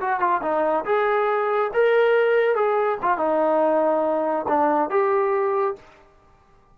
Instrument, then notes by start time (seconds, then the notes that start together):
trombone
0.00 F#4
0.19 F4
0.41 D#4
0.85 G#4
1.73 A#4
2.55 G#4
3.01 F4
3.17 D#4
4.48 D4
4.90 G4